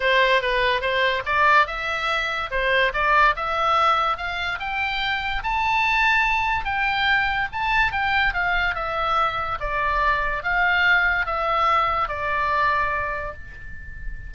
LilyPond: \new Staff \with { instrumentName = "oboe" } { \time 4/4 \tempo 4 = 144 c''4 b'4 c''4 d''4 | e''2 c''4 d''4 | e''2 f''4 g''4~ | g''4 a''2. |
g''2 a''4 g''4 | f''4 e''2 d''4~ | d''4 f''2 e''4~ | e''4 d''2. | }